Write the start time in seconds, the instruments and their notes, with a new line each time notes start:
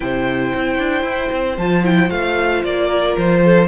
0.00 cello C3, viola E4, violin C5 G5
0.54 cello C4
0.78 cello D4
1.02 cello E4
1.32 cello C4
1.57 cello F3, viola F4, violin A5
1.83 viola E4, violin G5
2.09 cello A3, viola F4, violin F5
2.63 cello A#3, violin D5
2.87 violin A#4
3.16 cello F3, violin C5
3.44 violin A4